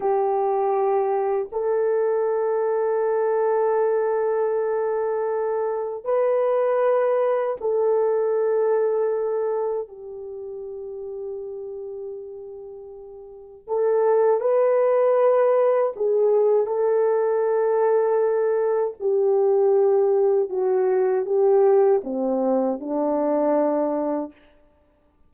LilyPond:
\new Staff \with { instrumentName = "horn" } { \time 4/4 \tempo 4 = 79 g'2 a'2~ | a'1 | b'2 a'2~ | a'4 g'2.~ |
g'2 a'4 b'4~ | b'4 gis'4 a'2~ | a'4 g'2 fis'4 | g'4 c'4 d'2 | }